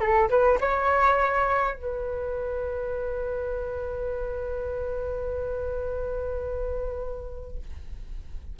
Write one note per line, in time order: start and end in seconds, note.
0.00 0.29 A4
0.29 0.59 B4
0.61 1.75 C#5
1.75 7.58 B4